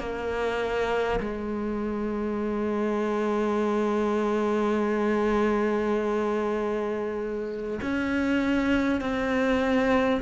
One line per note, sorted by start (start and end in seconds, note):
0.00 1.20 A#3
1.20 7.80 G#3
7.82 9.01 C#4
9.01 10.21 C4